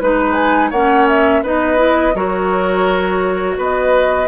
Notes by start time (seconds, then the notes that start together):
0.00 G#3 D#4 B4
0.34 G#5
0.70 A#3 C#4 C#5 F#5
1.08 E5
1.43 B3 D#4 B4 D#5
1.77 E4
2.14 F#3 F#4 A#4 C#5
3.58 B3 B4 D#5